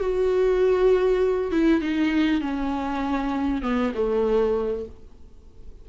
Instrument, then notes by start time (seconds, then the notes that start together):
viola
0.00 F#4
1.52 E4
1.81 D#4
2.40 C#4
3.62 B3
3.94 A3